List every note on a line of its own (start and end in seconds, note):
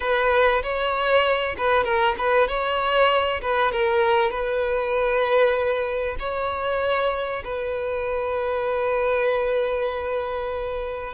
0.00 0.62 B4
0.62 1.55 C#5
1.57 1.84 B4
1.84 2.15 A#4
2.18 2.47 B4
2.47 3.40 C#5
3.41 3.72 B4
3.72 4.30 A#4
4.30 6.16 B4
6.19 7.43 C#5
7.44 11.13 B4